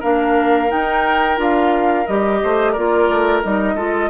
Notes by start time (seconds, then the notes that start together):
0.00 A#3 D4 A#4 F5
0.69 D#4 G5
1.37 D4 F4 F5
2.07 G3 G4 D#5
2.43 A3 C5
2.72 A#3 F4 A#4 D5
3.10 A3
3.43 G3 D#4 D#5
3.75 G#3 F4 A4